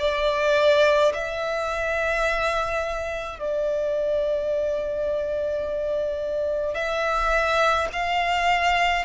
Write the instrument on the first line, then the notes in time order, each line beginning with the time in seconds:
violin
0.00 D5
1.14 E5
3.40 D5
6.75 E5
7.93 F5